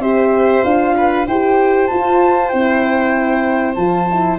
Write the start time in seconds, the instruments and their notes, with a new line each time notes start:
0.00 tuba C4, horn G4, violin C5, flute E5
0.64 tuba D4, horn F4, flute F5
0.97 violin B4
1.28 tuba E4, horn G4, violin C5, flute G5
1.88 horn F4, flute A5
1.94 tuba F4
2.49 tuba C4, horn E4, flute G5
3.75 tuba F3, horn F4, flute A5
4.11 horn E4